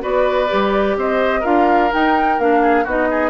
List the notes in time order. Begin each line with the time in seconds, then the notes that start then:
0.00 B3 F#4 B4 D5
0.48 G3 G4
0.96 C4 C5 D#5
1.40 D4 F4 A#4 F5
1.91 D#4 G5
2.38 A#3 D4 F5
2.62 G#4
2.84 B3 D#4 F#4 D#5
3.11 G#4